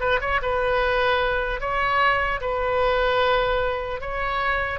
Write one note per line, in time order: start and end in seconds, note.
0.00 0.20 B4
0.21 0.41 C#5
0.42 1.60 B4
1.60 2.40 C#5
2.41 4.01 B4
4.01 4.79 C#5